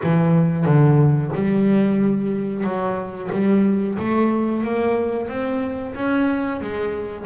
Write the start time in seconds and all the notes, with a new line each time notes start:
0.03 E3
0.65 D3
1.35 G3
2.63 F#3
3.32 G3
3.98 A3
4.63 A#3
5.28 C4
5.95 C#4
6.61 G#3